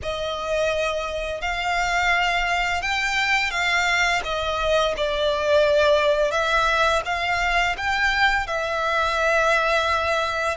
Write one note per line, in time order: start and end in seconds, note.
0.02 1.41 D#5
1.41 2.82 F5
2.82 3.50 G5
3.50 4.21 F5
4.24 4.94 D#5
4.96 6.31 D5
6.31 7.01 E5
7.05 7.76 F5
7.77 8.46 G5
8.46 10.57 E5